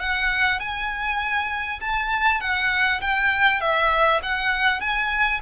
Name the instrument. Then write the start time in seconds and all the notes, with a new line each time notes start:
violin
0.00 F#5
0.60 G#5
1.81 A5
2.41 F#5
3.01 G5
3.61 E5
4.23 F#5
4.81 G#5